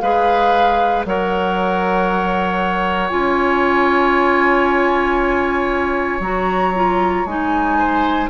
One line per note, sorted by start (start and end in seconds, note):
0.00 1.05 G#3
0.00 1.05 G#4
0.00 1.06 B4
0.00 1.03 F5
1.05 3.12 F#3
1.05 3.10 A#4
1.05 7.78 C#5
1.05 3.09 F#5
3.09 6.20 C#4
3.09 6.20 F4
3.09 6.19 G#5
6.20 7.23 F#3
6.20 6.74 F#4
6.20 7.26 A#5
6.75 7.27 F4
7.25 8.29 G#3
7.25 8.30 D#4
7.25 8.29 G#5
7.78 8.30 C5